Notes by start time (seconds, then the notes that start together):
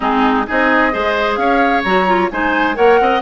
0.00 G#3 C4 D#4 G#4
0.47 C4 D#4 G#4 D#5
0.91 G#3 G#4 C5
1.35 C#4 C#5 F5
1.84 F#3 F#4 A#5
2.07 F4
2.31 G#3 D#4 C5 G#5
2.74 A#3 A#4 C#5 F#5
3.00 C4 D#5